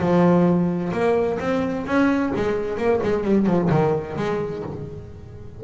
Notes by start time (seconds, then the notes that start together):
0.00 F3
0.93 A#3
1.40 C4
1.86 C#4
2.36 G#3
2.78 A#3
3.03 G#3
3.24 G3
3.46 F3
3.70 D#3
4.17 G#3